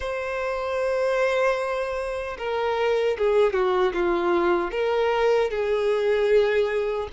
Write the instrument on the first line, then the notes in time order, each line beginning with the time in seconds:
violin
0.00 C5
2.38 A#4
3.18 G#4
3.53 F#4
3.93 F4
4.71 A#4
5.50 G#4